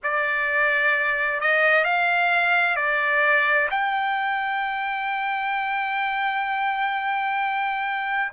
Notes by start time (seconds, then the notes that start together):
0.03 D5
1.40 D#5
1.84 F5
2.76 D5
3.70 G5